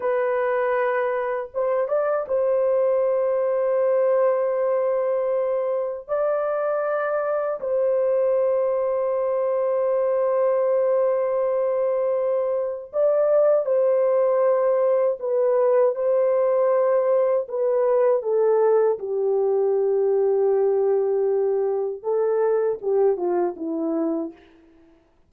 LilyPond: \new Staff \with { instrumentName = "horn" } { \time 4/4 \tempo 4 = 79 b'2 c''8 d''8 c''4~ | c''1 | d''2 c''2~ | c''1~ |
c''4 d''4 c''2 | b'4 c''2 b'4 | a'4 g'2.~ | g'4 a'4 g'8 f'8 e'4 | }